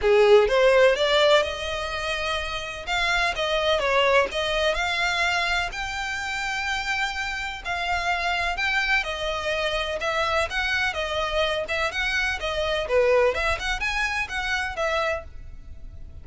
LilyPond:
\new Staff \with { instrumentName = "violin" } { \time 4/4 \tempo 4 = 126 gis'4 c''4 d''4 dis''4~ | dis''2 f''4 dis''4 | cis''4 dis''4 f''2 | g''1 |
f''2 g''4 dis''4~ | dis''4 e''4 fis''4 dis''4~ | dis''8 e''8 fis''4 dis''4 b'4 | e''8 fis''8 gis''4 fis''4 e''4 | }